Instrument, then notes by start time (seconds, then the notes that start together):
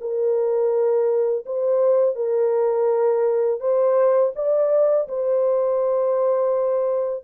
horn
0.00 A#4
1.46 C5
2.15 A#4
3.60 C5
4.35 D5
5.08 C5